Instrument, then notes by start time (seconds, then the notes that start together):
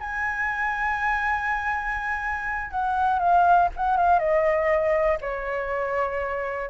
flute
0.00 G#5
2.71 F#5
3.19 F5
3.76 F#5
3.97 F5
4.19 D#5
5.21 C#5